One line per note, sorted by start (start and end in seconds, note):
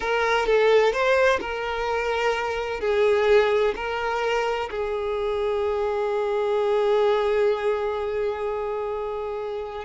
0.00 0.45 A#4
0.45 0.92 A4
0.92 1.39 C5
1.40 2.80 A#4
2.80 3.74 G#4
3.75 4.69 A#4
4.70 9.84 G#4